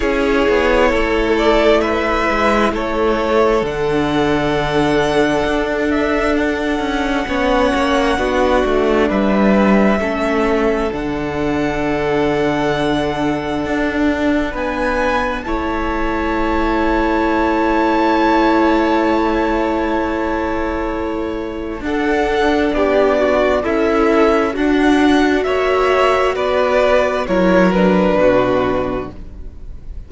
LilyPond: <<
  \new Staff \with { instrumentName = "violin" } { \time 4/4 \tempo 4 = 66 cis''4. d''8 e''4 cis''4 | fis''2~ fis''8 e''8 fis''4~ | fis''2 e''2 | fis''1 |
gis''4 a''2.~ | a''1 | fis''4 d''4 e''4 fis''4 | e''4 d''4 cis''8 b'4. | }
  \new Staff \with { instrumentName = "violin" } { \time 4/4 gis'4 a'4 b'4 a'4~ | a'1 | cis''4 fis'4 b'4 a'4~ | a'1 |
b'4 cis''2.~ | cis''1 | a'4 g'8 fis'8 e'4 d'4 | cis''4 b'4 ais'4 fis'4 | }
  \new Staff \with { instrumentName = "viola" } { \time 4/4 e'1 | d'1 | cis'4 d'2 cis'4 | d'1~ |
d'4 e'2.~ | e'1 | d'2 a'4 fis'4~ | fis'2 e'8 d'4. | }
  \new Staff \with { instrumentName = "cello" } { \time 4/4 cis'8 b8 a4. gis8 a4 | d2 d'4. cis'8 | b8 ais8 b8 a8 g4 a4 | d2. d'4 |
b4 a2.~ | a1 | d'4 b4 cis'4 d'4 | ais4 b4 fis4 b,4 | }
>>